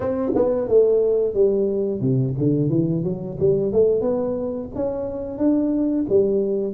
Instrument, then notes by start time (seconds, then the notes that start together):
tuba
0.00 C4
0.35 B3
0.68 A3
1.34 G3
2.00 C3
2.37 D3
2.69 E3
3.03 F#3
3.39 G3
3.72 A3
4.01 B3
4.75 C#4
5.38 D4
6.09 G3